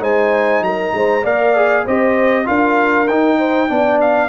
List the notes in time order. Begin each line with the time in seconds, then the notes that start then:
0.00 G#3 D#4 C5 G#5
0.62 F#3 A#4 A#5
0.94 G#3 C5
1.24 A#3 A#4 D5 F5
1.57 G#4
1.86 C4 G4 C5 D#5
2.45 D4 F4 A#4 F5
3.08 D#4 G5
3.39 C5
3.69 B3 D4 D5
4.01 F5